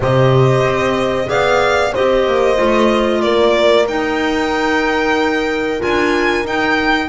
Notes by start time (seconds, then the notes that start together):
0.00 C3 G4 C5 D#5
0.63 C4
1.25 B3 G#4 D5 F5
1.92 C4 G4 C5 D#5
2.26 A#3
2.56 A3 F4
3.21 A#3 A#4 D5
3.87 D#4 G5
5.79 D4 F4 G#5
6.44 D#4 G5